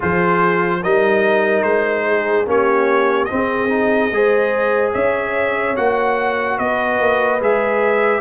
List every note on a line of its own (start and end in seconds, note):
0.00 0.83 F3
0.00 0.80 F4
0.00 0.78 G#4
0.00 0.83 C5
0.83 1.62 G3
0.83 2.46 D#4
0.83 2.07 A#4
0.83 1.62 D#5
1.62 2.45 G#3
1.62 2.45 C5
2.07 2.47 G#4
2.46 3.28 A#3
2.46 3.28 C#4
2.46 3.29 G4
2.46 3.24 C#5
3.24 3.68 C4
3.24 4.89 D#5
3.32 4.11 C4
3.32 4.14 G#4
3.68 4.09 D#4
4.11 4.93 G#3
4.11 5.76 G#4
4.11 4.92 C5
4.92 5.77 C#4
4.92 6.57 C#5
4.92 5.76 E5
5.76 6.58 A#3
5.76 7.40 F#4
5.76 6.58 F#5
6.57 6.99 B3
6.57 8.20 B4
6.57 7.40 D#5
6.99 7.40 A#3
7.40 8.20 G#3
7.40 8.20 G#4
7.40 8.20 E5